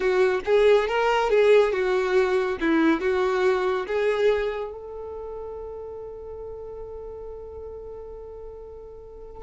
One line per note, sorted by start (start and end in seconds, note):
0.00 0.40 F#4
0.45 0.87 G#4
0.88 1.29 A#4
1.29 1.72 G#4
1.72 2.58 F#4
2.60 3.00 E4
3.00 3.86 F#4
3.86 4.71 G#4
4.71 9.42 A4